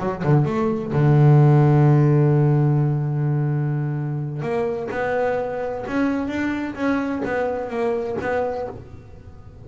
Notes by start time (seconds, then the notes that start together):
0.00 F#3
0.25 D3
0.46 A3
0.93 D3
4.43 A#3
4.92 B3
5.88 C#4
6.28 D4
6.75 C#4
7.25 B3
7.70 A#3
8.22 B3